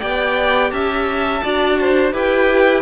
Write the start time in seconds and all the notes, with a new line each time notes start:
0.00 B3 G4 D5 G5
0.71 C#4 E5 A5
1.42 D4 F#4 D5
1.80 C5
2.12 E4 G4 B4 G5